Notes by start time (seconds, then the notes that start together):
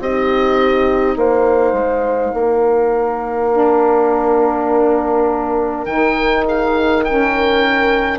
0.00 C4 D#4 G4 D#5
1.17 A#3 C5 F5
1.73 G#3
2.34 A#3 A#4
3.52 D4
5.86 D#3 D#4 G5
6.46 G#4 F5
7.04 C#4 A#4 G5